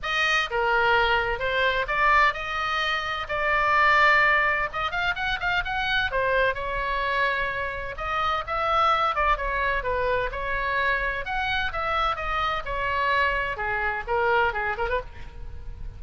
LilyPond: \new Staff \with { instrumentName = "oboe" } { \time 4/4 \tempo 4 = 128 dis''4 ais'2 c''4 | d''4 dis''2 d''4~ | d''2 dis''8 f''8 fis''8 f''8 | fis''4 c''4 cis''2~ |
cis''4 dis''4 e''4. d''8 | cis''4 b'4 cis''2 | fis''4 e''4 dis''4 cis''4~ | cis''4 gis'4 ais'4 gis'8 ais'16 b'16 | }